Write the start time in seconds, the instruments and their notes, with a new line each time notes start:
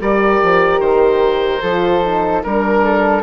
0.00 bassoon G3, horn G4, flute A#4, oboe D5
0.43 bassoon F3
0.80 bassoon D#3, oboe C5
1.62 bassoon F3, horn F4, flute A4
2.03 horn D#4
2.44 bassoon G3, horn D4, oboe A#4, flute A#4
2.85 flute A4